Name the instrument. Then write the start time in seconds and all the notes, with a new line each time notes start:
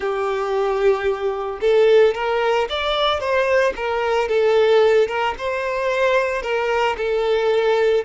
violin
0.00 G4
1.61 A4
2.14 A#4
2.69 D5
3.19 C5
3.75 A#4
4.28 A4
5.07 A#4
5.38 C5
6.42 A#4
6.97 A4